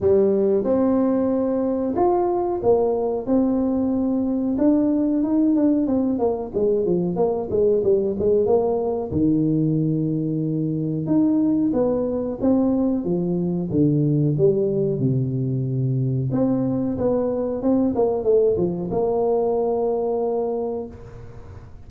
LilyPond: \new Staff \with { instrumentName = "tuba" } { \time 4/4 \tempo 4 = 92 g4 c'2 f'4 | ais4 c'2 d'4 | dis'8 d'8 c'8 ais8 gis8 f8 ais8 gis8 | g8 gis8 ais4 dis2~ |
dis4 dis'4 b4 c'4 | f4 d4 g4 c4~ | c4 c'4 b4 c'8 ais8 | a8 f8 ais2. | }